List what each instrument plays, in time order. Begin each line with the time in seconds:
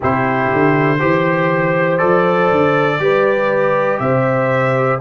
0.00 tuba C3, trombone E4, horn G4, trumpet C5
0.52 tuba D3
0.99 tuba E3, trombone G4, horn C5
1.98 tuba F3, trombone A4, trumpet D5
2.51 tuba D3
2.99 tuba G3, trombone G4, horn B4
3.99 tuba C3, horn C5, trumpet E5